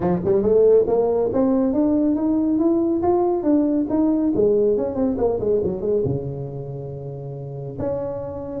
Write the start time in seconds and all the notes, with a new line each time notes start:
0.00 F3
0.24 G3
0.42 A3
0.87 A#3
1.32 C4
1.73 D4
2.15 D#4
2.58 E4
3.02 F4
3.43 D4
3.89 D#4
4.35 G#3
4.77 C#4
4.95 C4
5.17 A#3
5.40 G#3
5.63 F#3
5.81 G#3
6.05 C#3
7.78 C#4